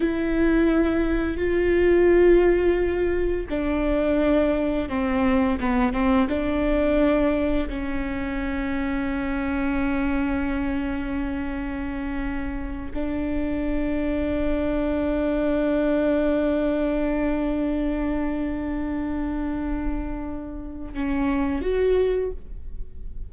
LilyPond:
\new Staff \with { instrumentName = "viola" } { \time 4/4 \tempo 4 = 86 e'2 f'2~ | f'4 d'2 c'4 | b8 c'8 d'2 cis'4~ | cis'1~ |
cis'2~ cis'8 d'4.~ | d'1~ | d'1~ | d'2 cis'4 fis'4 | }